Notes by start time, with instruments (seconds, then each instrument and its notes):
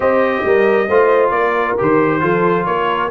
0.00 tuba C4, trombone G4, horn C5, trumpet D#5
0.45 tuba G3, horn A#4
0.88 tuba A3, trombone F4, horn C5
1.30 tuba A#3, horn A#4, trumpet D5
1.78 tuba D#3, trombone G4, trumpet C5
2.21 tuba F3, trombone F4, horn A4
2.65 tuba A#3, horn A#4, trumpet C#5